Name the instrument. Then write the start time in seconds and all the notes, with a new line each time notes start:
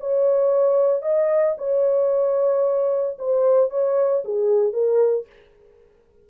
horn
0.00 C#5
1.03 D#5
1.58 C#5
3.19 C5
3.70 C#5
4.25 G#4
4.73 A#4